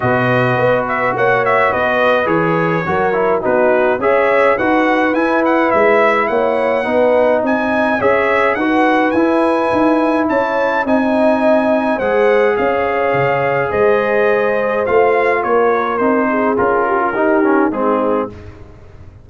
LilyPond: <<
  \new Staff \with { instrumentName = "trumpet" } { \time 4/4 \tempo 4 = 105 dis''4. e''8 fis''8 e''8 dis''4 | cis''2 b'4 e''4 | fis''4 gis''8 fis''8 e''4 fis''4~ | fis''4 gis''4 e''4 fis''4 |
gis''2 a''4 gis''4~ | gis''4 fis''4 f''2 | dis''2 f''4 cis''4 | c''4 ais'2 gis'4 | }
  \new Staff \with { instrumentName = "horn" } { \time 4/4 b'2 cis''4 b'4~ | b'4 ais'4 fis'4 cis''4 | b'2. cis''4 | b'4 dis''4 cis''4 b'4~ |
b'2 cis''4 dis''4~ | dis''4 c''4 cis''2 | c''2. ais'4~ | ais'8 gis'4 g'16 f'16 g'4 dis'4 | }
  \new Staff \with { instrumentName = "trombone" } { \time 4/4 fis'1 | gis'4 fis'8 e'8 dis'4 gis'4 | fis'4 e'2. | dis'2 gis'4 fis'4 |
e'2. dis'4~ | dis'4 gis'2.~ | gis'2 f'2 | dis'4 f'4 dis'8 cis'8 c'4 | }
  \new Staff \with { instrumentName = "tuba" } { \time 4/4 b,4 b4 ais4 b4 | e4 fis4 b4 cis'4 | dis'4 e'4 gis4 ais4 | b4 c'4 cis'4 dis'4 |
e'4 dis'4 cis'4 c'4~ | c'4 gis4 cis'4 cis4 | gis2 a4 ais4 | c'4 cis'4 dis'4 gis4 | }
>>